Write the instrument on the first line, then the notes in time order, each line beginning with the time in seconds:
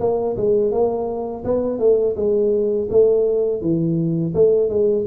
tuba
0.00 A#3
0.37 G#3
0.72 A#3
1.45 B3
1.79 A3
2.16 G#3
2.90 A3
3.61 E3
4.34 A3
4.69 G#3